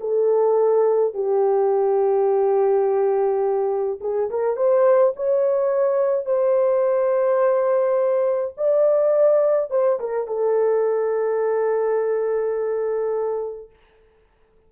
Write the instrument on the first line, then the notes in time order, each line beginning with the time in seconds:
horn
0.00 A4
1.14 G4
4.01 G#4
4.30 A#4
4.56 C5
5.16 C#5
6.25 C5
8.57 D5
9.70 C5
9.99 A#4
10.27 A4